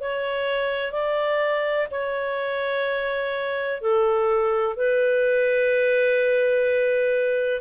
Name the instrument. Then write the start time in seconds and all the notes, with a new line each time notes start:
clarinet
0.00 C#5
0.92 D5
1.91 C#5
3.81 A4
4.76 B4